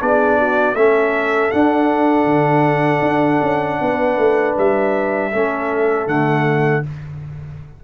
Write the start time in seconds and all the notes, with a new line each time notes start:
0.00 B3 D4 G#4 D5
0.39 F#4
0.75 A3 C#4 A4 E5
1.52 D4 F#5
2.26 D3
3.02 D4
3.43 C#4
3.81 B3 B4
4.18 A3
4.58 G3 E5
5.32 A3 C#4 A4
6.07 D3 A3 F#5